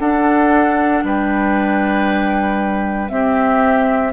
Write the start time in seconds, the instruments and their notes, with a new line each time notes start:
0.00 bassoon D4, clarinet D4, oboe A4, flute F#5
1.04 bassoon G3, oboe B4, flute G5
3.09 clarinet C4, bassoon C4, oboe G4, flute E5